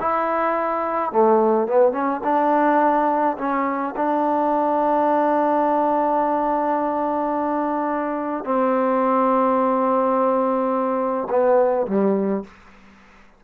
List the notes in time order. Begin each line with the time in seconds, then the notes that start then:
0.00 E4
1.12 A3
1.68 B3
1.92 C#4
2.24 D4
3.38 C#4
3.96 D4
8.45 C4
11.30 B3
11.87 G3